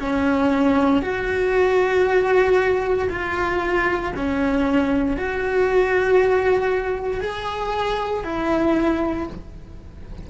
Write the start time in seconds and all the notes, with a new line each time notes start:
0.00 C#4
1.02 F#4
3.09 F4
4.16 C#4
5.17 F#4
7.21 G#4
8.24 E4